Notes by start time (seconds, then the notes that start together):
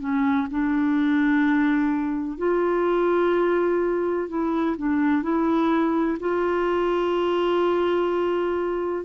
0.00 C#4
0.51 D4
2.38 F4
4.29 E4
4.77 D4
5.23 E4
6.20 F4